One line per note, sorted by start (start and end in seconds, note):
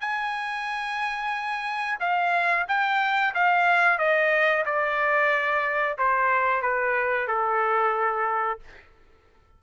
0.00 1.98 G#5
2.00 2.66 F5
2.68 3.34 G5
3.34 3.98 F5
3.98 4.64 D#5
4.65 5.97 D5
5.98 6.61 C5
6.61 7.27 B4
7.27 8.59 A4